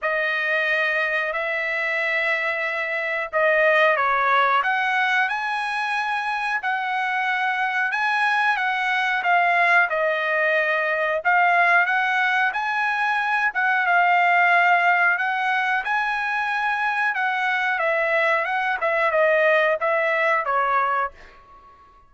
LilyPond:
\new Staff \with { instrumentName = "trumpet" } { \time 4/4 \tempo 4 = 91 dis''2 e''2~ | e''4 dis''4 cis''4 fis''4 | gis''2 fis''2 | gis''4 fis''4 f''4 dis''4~ |
dis''4 f''4 fis''4 gis''4~ | gis''8 fis''8 f''2 fis''4 | gis''2 fis''4 e''4 | fis''8 e''8 dis''4 e''4 cis''4 | }